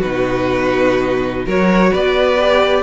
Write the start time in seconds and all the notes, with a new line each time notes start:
0.00 B2 D#4 F#4 B4
1.46 F#3 F#4 A#4 C#5
1.92 B3 B4 D5
2.40 G4